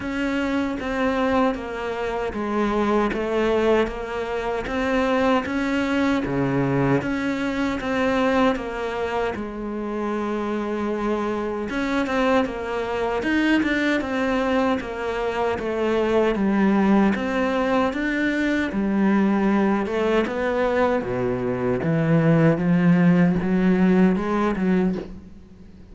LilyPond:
\new Staff \with { instrumentName = "cello" } { \time 4/4 \tempo 4 = 77 cis'4 c'4 ais4 gis4 | a4 ais4 c'4 cis'4 | cis4 cis'4 c'4 ais4 | gis2. cis'8 c'8 |
ais4 dis'8 d'8 c'4 ais4 | a4 g4 c'4 d'4 | g4. a8 b4 b,4 | e4 f4 fis4 gis8 fis8 | }